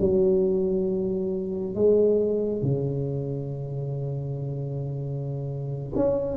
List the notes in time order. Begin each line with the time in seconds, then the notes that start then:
0.00 F#3
1.75 G#3
2.62 C#3
5.95 C#4